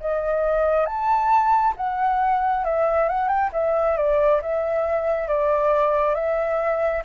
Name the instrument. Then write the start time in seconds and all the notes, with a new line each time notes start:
flute
0.00 D#5
0.85 A5
1.76 F#5
2.64 E5
3.08 F#5
3.28 G5
3.53 E5
3.97 D5
4.42 E5
5.28 D5
6.14 E5